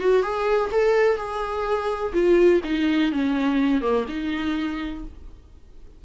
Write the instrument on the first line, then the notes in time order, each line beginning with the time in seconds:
viola
0.00 F#4
0.22 G#4
0.72 A4
1.17 G#4
2.13 F4
2.64 D#4
3.12 C#4
3.81 A#3
4.09 D#4